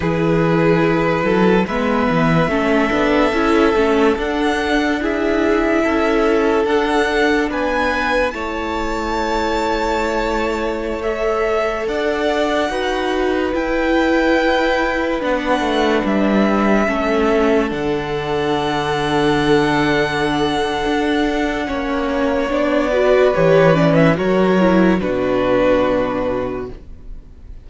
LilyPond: <<
  \new Staff \with { instrumentName = "violin" } { \time 4/4 \tempo 4 = 72 b'2 e''2~ | e''4 fis''4 e''2 | fis''4 gis''4 a''2~ | a''4~ a''16 e''4 fis''4.~ fis''16~ |
fis''16 g''2 fis''4 e''8.~ | e''4~ e''16 fis''2~ fis''8.~ | fis''2. d''4 | cis''8 d''16 e''16 cis''4 b'2 | }
  \new Staff \with { instrumentName = "violin" } { \time 4/4 gis'4. a'8 b'4 a'4~ | a'2 gis'4 a'4~ | a'4 b'4 cis''2~ | cis''2~ cis''16 d''4 b'8.~ |
b'1~ | b'16 a'2.~ a'8.~ | a'2 cis''4. b'8~ | b'4 ais'4 fis'2 | }
  \new Staff \with { instrumentName = "viola" } { \time 4/4 e'2 b4 cis'8 d'8 | e'8 cis'8 d'4 e'2 | d'2 e'2~ | e'4~ e'16 a'2 fis'8.~ |
fis'16 e'2 d'4.~ d'16~ | d'16 cis'4 d'2~ d'8.~ | d'2 cis'4 d'8 fis'8 | g'8 cis'8 fis'8 e'8 d'2 | }
  \new Staff \with { instrumentName = "cello" } { \time 4/4 e4. fis8 gis8 e8 a8 b8 | cis'8 a8 d'2 cis'4 | d'4 b4 a2~ | a2~ a16 d'4 dis'8.~ |
dis'16 e'2 b8 a8 g8.~ | g16 a4 d2~ d8.~ | d4 d'4 ais4 b4 | e4 fis4 b,2 | }
>>